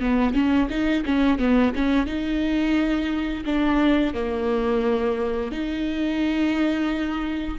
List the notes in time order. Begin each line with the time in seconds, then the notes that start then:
0.00 B3
0.34 C#4
0.70 D#4
1.05 C#4
1.38 B3
1.75 C#4
2.06 D#4
3.45 D4
4.13 A#3
5.51 D#4